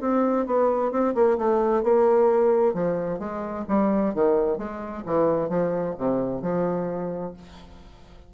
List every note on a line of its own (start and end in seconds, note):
0.00 0.46 C4
0.46 0.91 B3
0.91 1.14 C4
1.14 1.37 A#3
1.37 1.83 A3
1.83 2.73 A#3
2.73 3.19 F3
3.19 3.65 G#3
3.68 4.14 G3
4.14 4.57 D#3
4.57 5.03 G#3
5.05 5.49 E3
5.49 5.95 F3
5.97 6.41 C3
6.41 7.33 F3